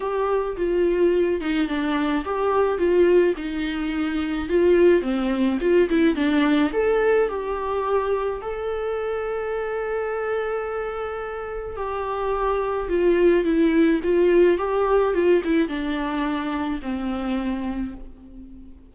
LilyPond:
\new Staff \with { instrumentName = "viola" } { \time 4/4 \tempo 4 = 107 g'4 f'4. dis'8 d'4 | g'4 f'4 dis'2 | f'4 c'4 f'8 e'8 d'4 | a'4 g'2 a'4~ |
a'1~ | a'4 g'2 f'4 | e'4 f'4 g'4 f'8 e'8 | d'2 c'2 | }